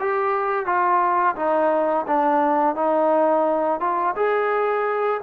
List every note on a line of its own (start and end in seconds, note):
0.00 0.66 G4
0.66 1.35 F4
1.36 2.05 D#4
2.07 2.76 D4
2.76 3.80 D#4
3.80 4.15 F4
4.16 5.20 G#4